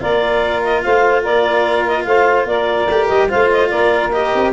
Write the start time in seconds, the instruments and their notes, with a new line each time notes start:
0.00 tuba A#3, cello F4, saxophone A#4, clarinet D5
0.64 clarinet D#5
0.82 tuba A3, saxophone C5, clarinet F5
1.23 tuba A#3, saxophone A#4, clarinet D5
1.87 clarinet D#5
2.04 tuba A3, saxophone C5, clarinet F5
2.46 tuba A#3, saxophone A#4, clarinet D5
2.89 tuba A3, cello G4
3.08 tuba G3, clarinet D#5
3.29 tuba A3, cello F4, saxophone C5, clarinet F5
3.52 clarinet D#5
3.70 tuba A#3, saxophone A#4, clarinet D5
4.13 cello G4, clarinet D#5
4.35 tuba C4